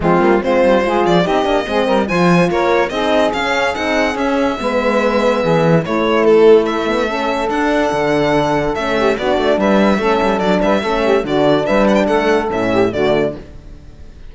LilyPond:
<<
  \new Staff \with { instrumentName = "violin" } { \time 4/4 \tempo 4 = 144 f'4 c''4. d''8 dis''4~ | dis''4 gis''4 cis''4 dis''4 | f''4 fis''4 e''2~ | e''2 cis''4 a'4 |
e''2 fis''2~ | fis''4 e''4 d''4 e''4~ | e''4 d''8 e''4. d''4 | e''8 fis''16 g''16 fis''4 e''4 d''4 | }
  \new Staff \with { instrumentName = "saxophone" } { \time 4/4 c'4 f'4 gis'4 g'4 | gis'8 ais'8 c''4 ais'4 gis'4~ | gis'2. b'4~ | b'4 gis'4 e'2~ |
e'4 a'2.~ | a'4. g'8 fis'4 b'4 | a'4. b'8 a'8 g'8 fis'4 | b'4 a'4. g'8 fis'4 | }
  \new Staff \with { instrumentName = "horn" } { \time 4/4 gis8 ais8 c'4 f'4 dis'8 d'8 | c'4 f'2 dis'4 | cis'4 dis'4 cis'4 b4~ | b2 a2~ |
a8 b8 cis'4 d'2~ | d'4 cis'4 d'2 | cis'4 d'4 cis'4 d'4~ | d'2 cis'4 a4 | }
  \new Staff \with { instrumentName = "cello" } { \time 4/4 f8 g8 gis8 g8 gis8 f8 c'8 ais8 | gis8 g8 f4 ais4 c'4 | cis'4 c'4 cis'4 gis4~ | gis4 e4 a2~ |
a2 d'4 d4~ | d4 a4 b8 a8 g4 | a8 g8 fis8 g8 a4 d4 | g4 a4 a,4 d4 | }
>>